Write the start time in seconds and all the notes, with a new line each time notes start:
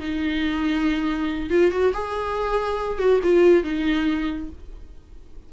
0.00 D#4
1.50 F4
1.71 F#4
1.94 G#4
2.99 F#4
3.23 F4
3.64 D#4